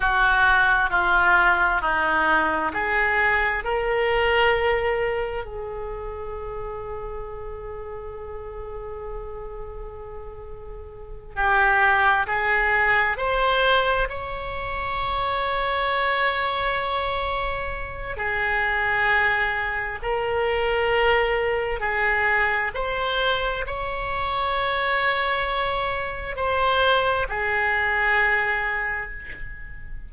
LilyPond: \new Staff \with { instrumentName = "oboe" } { \time 4/4 \tempo 4 = 66 fis'4 f'4 dis'4 gis'4 | ais'2 gis'2~ | gis'1~ | gis'8 g'4 gis'4 c''4 cis''8~ |
cis''1 | gis'2 ais'2 | gis'4 c''4 cis''2~ | cis''4 c''4 gis'2 | }